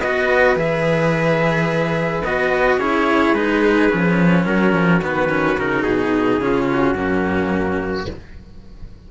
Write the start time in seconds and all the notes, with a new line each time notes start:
0.00 B3 F#4 B4 D#5
0.55 E3 G#4 E5
2.24 B3 F#4 D#5
2.76 C#4 E4 G#4 C#5
3.33 G#3 D#4 B4
3.90 F3 C#4
4.46 F#3 F#4 A#4
4.73 F3
5.02 D#3 B3 B4
5.29 C#4
5.58 C#3 D#4 A#4
5.82 B2 G#4
6.38 C#3 C#4 F4
6.72 F#4
6.94 F#2 A#3 C#4